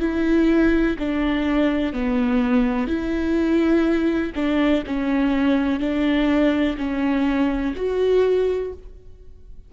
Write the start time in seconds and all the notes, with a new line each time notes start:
0.00 E4
0.99 D4
1.93 B3
2.87 E4
4.35 D4
4.87 C#4
5.80 D4
6.78 C#4
7.76 F#4